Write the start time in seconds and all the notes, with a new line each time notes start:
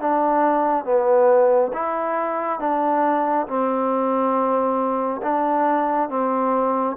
0.00 D4
0.85 B3
1.73 E4
2.60 D4
3.47 C4
5.23 D4
6.09 C4